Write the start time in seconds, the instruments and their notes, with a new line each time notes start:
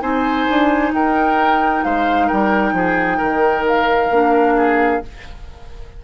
0.00 bassoon C4, clarinet D#4, oboe C5, flute G#5
0.49 bassoon D4
0.91 bassoon D#4, oboe A#4, flute G5
1.83 bassoon G#3, oboe C5, flute F5
2.27 bassoon G3, oboe A#4, flute G5
2.72 bassoon F3, oboe G#4
3.17 bassoon D#3, oboe A#4
3.67 flute F5
4.10 bassoon A#3, clarinet D4
4.56 oboe G#4